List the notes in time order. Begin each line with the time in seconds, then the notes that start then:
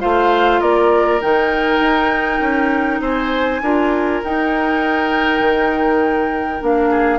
0.00 A3 F4 C5 F5
0.61 A#3 A#4 D5
1.22 D#3 D#4 G5
1.80 D#4
2.40 C#4
3.01 C4 C5 G#5
3.62 D4 F4 A#4
4.24 D#4 G5
5.40 D#3
6.61 A#3 D4 F5
6.91 G#4